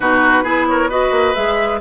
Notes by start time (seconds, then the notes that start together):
0.00 B2 D#4 F#4 B4
0.43 B3 E4 G#4
0.67 A#4 C#5
0.89 F#4 B4 D#5
1.10 A#3
1.34 G#3 G#4 E5